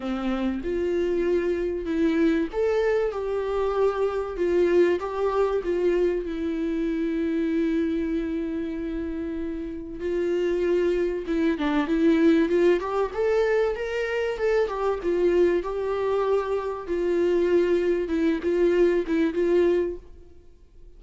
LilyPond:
\new Staff \with { instrumentName = "viola" } { \time 4/4 \tempo 4 = 96 c'4 f'2 e'4 | a'4 g'2 f'4 | g'4 f'4 e'2~ | e'1 |
f'2 e'8 d'8 e'4 | f'8 g'8 a'4 ais'4 a'8 g'8 | f'4 g'2 f'4~ | f'4 e'8 f'4 e'8 f'4 | }